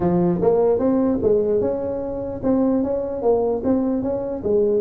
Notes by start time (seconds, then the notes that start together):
0.00 F3
0.41 A#3
0.78 C4
1.22 G#3
1.60 C#4
2.43 C4
2.83 C#4
3.22 A#3
3.64 C4
4.02 C#4
4.43 G#3